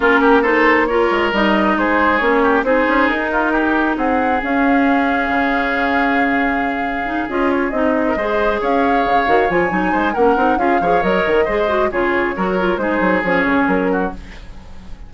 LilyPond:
<<
  \new Staff \with { instrumentName = "flute" } { \time 4/4 \tempo 4 = 136 ais'4 c''4 cis''4 dis''4 | c''4 cis''4 c''4 ais'4~ | ais'4 fis''4 f''2~ | f''1~ |
f''8 dis''8 cis''8 dis''2 f''8~ | f''4. gis''4. fis''4 | f''4 dis''2 cis''4~ | cis''4 c''4 cis''4 ais'4 | }
  \new Staff \with { instrumentName = "oboe" } { \time 4/4 f'8 g'8 a'4 ais'2 | gis'4. g'8 gis'4. f'8 | g'4 gis'2.~ | gis'1~ |
gis'2~ gis'16 ais'16 c''4 cis''8~ | cis''2~ cis''8 c''8 ais'4 | gis'8 cis''4. c''4 gis'4 | ais'4 gis'2~ gis'8 fis'8 | }
  \new Staff \with { instrumentName = "clarinet" } { \time 4/4 cis'4 dis'4 f'4 dis'4~ | dis'4 cis'4 dis'2~ | dis'2 cis'2~ | cis'1 |
dis'8 f'4 dis'4 gis'4.~ | gis'4 fis'8 f'8 dis'4 cis'8 dis'8 | f'8 gis'8 ais'4 gis'8 fis'8 f'4 | fis'8 f'8 dis'4 cis'2 | }
  \new Staff \with { instrumentName = "bassoon" } { \time 4/4 ais2~ ais8 gis8 g4 | gis4 ais4 c'8 cis'8 dis'4~ | dis'4 c'4 cis'2 | cis1~ |
cis8 cis'4 c'4 gis4 cis'8~ | cis'8 cis8 dis8 f8 fis8 gis8 ais8 c'8 | cis'8 f8 fis8 dis8 gis4 cis4 | fis4 gis8 fis8 f8 cis8 fis4 | }
>>